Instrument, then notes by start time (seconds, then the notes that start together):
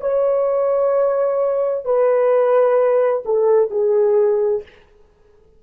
horn
0.00 C#5
1.85 B4
3.25 A4
3.70 G#4